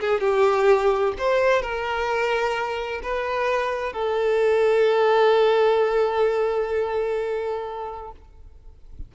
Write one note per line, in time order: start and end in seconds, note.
0.00 0.20 G#4
0.20 1.13 G4
1.18 1.62 C5
1.62 3.01 A#4
3.03 3.93 B4
3.93 8.11 A4